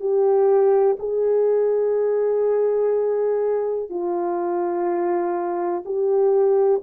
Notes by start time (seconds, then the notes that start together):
0.00 G4
0.99 G#4
3.90 F4
5.85 G4